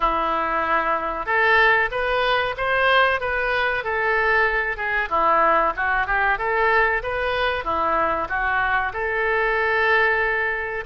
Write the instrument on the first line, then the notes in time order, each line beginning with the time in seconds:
oboe
0.00 E4
1.26 A4
1.91 B4
2.57 C5
3.20 B4
3.84 A4
4.77 G#4
5.09 E4
5.76 F#4
6.06 G4
6.38 A4
7.02 B4
7.64 E4
8.28 F#4
8.93 A4